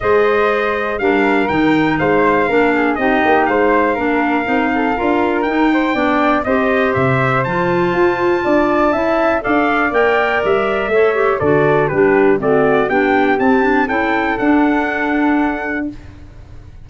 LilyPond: <<
  \new Staff \with { instrumentName = "trumpet" } { \time 4/4 \tempo 4 = 121 dis''2 f''4 g''4 | f''2 dis''4 f''4~ | f''2. g''4~ | g''4 dis''4 e''4 a''4~ |
a''2. f''4 | g''4 e''2 d''4 | b'4 d''4 g''4 a''4 | g''4 fis''2. | }
  \new Staff \with { instrumentName = "flute" } { \time 4/4 c''2 ais'2 | c''4 ais'8 gis'8 g'4 c''4 | ais'4. a'8 ais'4. c''8 | d''4 c''2.~ |
c''4 d''4 e''4 d''4~ | d''2 cis''4 a'4 | g'4 fis'4 g'2 | a'1 | }
  \new Staff \with { instrumentName = "clarinet" } { \time 4/4 gis'2 d'4 dis'4~ | dis'4 d'4 dis'2 | d'4 dis'4 f'4 dis'4 | d'4 g'2 f'4~ |
f'2 e'4 a'4 | ais'2 a'8 g'8 fis'4 | d'4 c'4 d'4 c'8 d'8 | e'4 d'2. | }
  \new Staff \with { instrumentName = "tuba" } { \time 4/4 gis2 g4 dis4 | gis4 ais4 c'8 ais8 gis4 | ais4 c'4 d'4 dis'4 | b4 c'4 c4 f4 |
f'4 d'4 cis'4 d'4 | ais4 g4 a4 d4 | g4 a4 b4 c'4 | cis'4 d'2. | }
>>